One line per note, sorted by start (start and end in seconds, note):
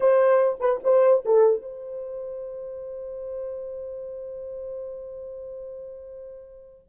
0.00 0.57 C5
0.60 0.80 B4
0.83 1.24 C5
1.25 1.62 A4
1.62 6.88 C5